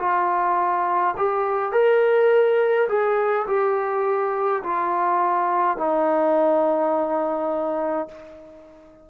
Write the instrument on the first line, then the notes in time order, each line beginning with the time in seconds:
trombone
0.00 F4
1.17 G4
1.73 A#4
2.89 G#4
3.48 G4
4.64 F4
5.78 D#4